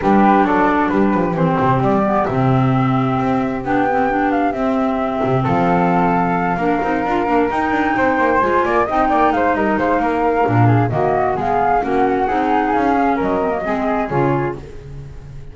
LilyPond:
<<
  \new Staff \with { instrumentName = "flute" } { \time 4/4 \tempo 4 = 132 b'4 d''4 b'4 c''4 | d''4 e''2. | g''4. f''8 e''2 | f''1~ |
f''8 g''2 gis''4 g''8~ | g''8 f''8 dis''8 f''2~ f''8 | dis''4 f''4 fis''2 | f''4 dis''2 cis''4 | }
  \new Staff \with { instrumentName = "flute" } { \time 4/4 g'4 a'4 g'2~ | g'1~ | g'1 | a'2~ a'8 ais'4.~ |
ais'4. c''4. d''8 dis''8 | d''8 c''8 ais'8 c''8 ais'4. gis'8 | fis'4 gis'4 fis'4 gis'4~ | gis'4 ais'4 gis'2 | }
  \new Staff \with { instrumentName = "clarinet" } { \time 4/4 d'2. c'4~ | c'8 b8 c'2. | d'8 c'8 d'4 c'2~ | c'2~ c'8 d'8 dis'8 f'8 |
d'8 dis'2 f'4 dis'8~ | dis'2. d'4 | ais4 b4 cis'4 dis'4~ | dis'8 cis'4 c'16 ais16 c'4 f'4 | }
  \new Staff \with { instrumentName = "double bass" } { \time 4/4 g4 fis4 g8 f8 e8 c8 | g4 c2 c'4 | b2 c'4. c8 | f2~ f8 ais8 c'8 d'8 |
ais8 dis'8 d'8 c'8 ais8 gis8 ais8 c'8 | ais8 gis8 g8 gis8 ais4 ais,4 | dis4 gis4 ais4 c'4 | cis'4 fis4 gis4 cis4 | }
>>